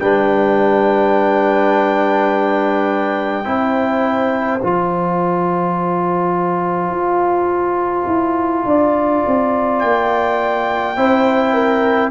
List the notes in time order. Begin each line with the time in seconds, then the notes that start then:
0.00 G3 D4 B4 G5
3.45 C4 E4 C5
4.61 F3 F4 A5
6.90 F4
8.07 E4
8.65 D4 D5
9.27 C4
9.80 A#3 G5
10.97 C4 E4 C5
11.54 A#4